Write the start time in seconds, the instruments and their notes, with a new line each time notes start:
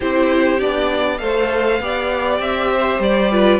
0.00 cello C4, viola E4, violin G4 C5
0.59 cello B3, viola D4, violin D5
1.18 cello A3, viola A4, violin C5 F5
1.79 cello B3, viola G4, violin D5
2.39 cello C4, violin E5
2.71 violin C5
2.99 cello G3, violin D5
3.31 viola F4, violin B4